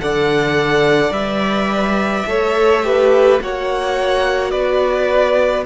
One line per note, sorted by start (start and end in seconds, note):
0.00 1.11 D3
0.00 1.11 A4
0.00 2.29 D5
0.00 1.13 F#5
1.11 2.24 G3
1.11 2.24 B4
1.11 3.39 E5
2.27 3.40 A3
2.27 2.83 A4
2.27 2.86 C#5
2.83 3.40 G4
2.83 3.42 B4
3.41 4.53 A#3
3.41 5.66 F#4
3.41 4.51 C#5
3.41 4.51 F#5
4.51 5.66 B3
4.51 5.65 B4
4.51 5.64 D5